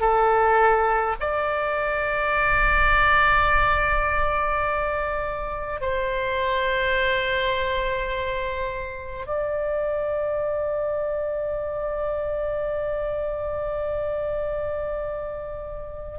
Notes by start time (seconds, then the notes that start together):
0.00 A4
1.20 D5
5.80 C5
9.26 D5